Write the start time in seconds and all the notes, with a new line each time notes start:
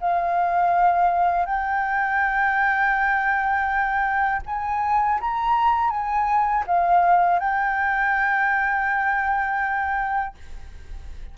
0.00 F5
1.45 G5
4.46 G#5
5.20 A#5
5.90 G#5
6.66 F5
7.39 G5